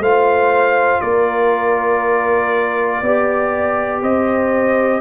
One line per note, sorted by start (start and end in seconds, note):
0.00 1.00 A3
0.00 3.04 F4
0.00 1.02 C5
0.00 1.01 F5
1.01 3.02 A#3
1.01 3.02 A#4
1.01 4.01 D5
3.02 4.03 B3
3.02 5.01 G4
3.02 4.02 D5
4.03 5.01 C4
4.03 5.01 C5
4.03 5.01 D#5